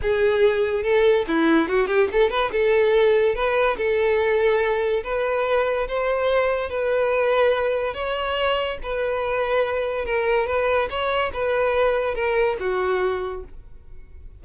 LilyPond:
\new Staff \with { instrumentName = "violin" } { \time 4/4 \tempo 4 = 143 gis'2 a'4 e'4 | fis'8 g'8 a'8 b'8 a'2 | b'4 a'2. | b'2 c''2 |
b'2. cis''4~ | cis''4 b'2. | ais'4 b'4 cis''4 b'4~ | b'4 ais'4 fis'2 | }